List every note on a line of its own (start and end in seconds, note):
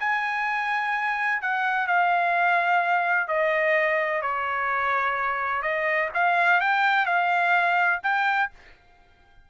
0.00 1.42 G#5
1.42 1.87 F#5
1.87 3.28 F5
3.28 4.22 D#5
4.22 5.62 C#5
5.62 6.10 D#5
6.14 6.61 F5
6.61 7.06 G5
7.06 8.00 F5
8.03 8.50 G5